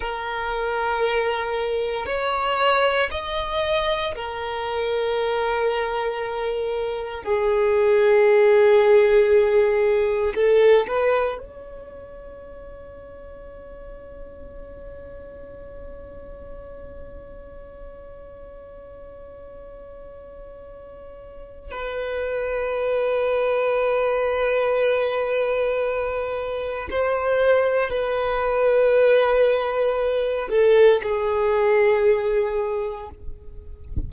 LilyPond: \new Staff \with { instrumentName = "violin" } { \time 4/4 \tempo 4 = 58 ais'2 cis''4 dis''4 | ais'2. gis'4~ | gis'2 a'8 b'8 cis''4~ | cis''1~ |
cis''1~ | cis''4 b'2.~ | b'2 c''4 b'4~ | b'4. a'8 gis'2 | }